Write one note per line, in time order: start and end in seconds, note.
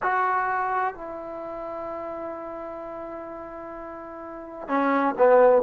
0.02 0.95 F#4
0.95 4.67 E4
4.67 5.14 C#4
5.18 5.62 B3